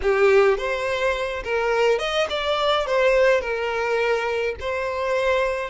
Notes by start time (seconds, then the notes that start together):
0.02 G4
0.57 C5
1.44 A#4
1.98 D#5
2.29 D5
2.86 C5
3.41 A#4
4.60 C5